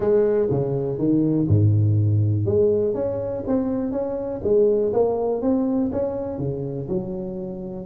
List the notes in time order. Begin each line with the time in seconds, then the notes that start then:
0.00 G#3
0.50 C#3
0.98 D#3
1.48 G#2
2.45 G#3
2.94 C#4
3.47 C4
3.91 C#4
4.43 G#3
4.93 A#3
5.41 C4
5.92 C#4
6.38 C#3
6.88 F#3